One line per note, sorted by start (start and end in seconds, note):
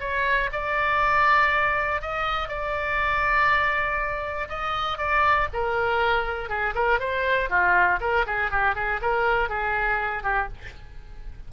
0.00 0.50 C#5
0.52 2.02 D5
2.02 2.48 D#5
2.48 4.48 D5
4.49 4.98 D#5
4.98 5.48 D5
5.53 6.49 A#4
6.49 6.74 G#4
6.75 7.00 A#4
7.00 7.50 C5
7.50 8.00 F4
8.00 8.25 A#4
8.27 8.51 G#4
8.51 8.75 G4
8.75 9.00 G#4
9.02 9.49 A#4
9.49 10.23 G#4
10.23 10.48 G4